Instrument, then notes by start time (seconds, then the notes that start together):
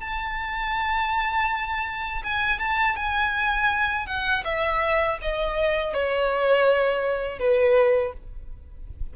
violin
0.00 A5
2.23 G#5
2.59 A5
2.96 G#5
4.06 F#5
4.44 E5
5.21 D#5
5.93 C#5
7.39 B4